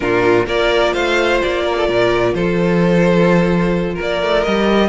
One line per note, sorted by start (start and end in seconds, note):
0.00 0.46 A#2
0.00 0.46 D4
0.00 0.46 F4
0.00 0.45 A#4
0.46 0.93 A#3
0.46 4.45 F4
0.46 0.92 A#4
0.46 0.93 D5
0.92 1.41 A3
0.92 1.63 C5
0.92 1.40 F5
1.42 1.88 A#3
1.42 2.34 D5
1.63 1.75 A#4
1.76 1.87 A4
1.87 2.33 A#2
1.87 2.34 A#4
2.33 3.97 F3
2.33 3.94 A4
2.33 3.98 C5
3.94 4.88 A#4
4.01 4.22 A#3
4.01 4.43 D5
4.22 4.45 A3
4.43 4.89 G3
4.43 4.89 G4
4.43 4.89 D#5